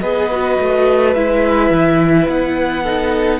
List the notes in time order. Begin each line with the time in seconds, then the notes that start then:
0.00 B3 G#4 B4 D#5
0.31 F#4
0.60 A3
1.14 G#3 E4 E5
1.70 E3
2.28 B3 F#5
2.83 D#4 A4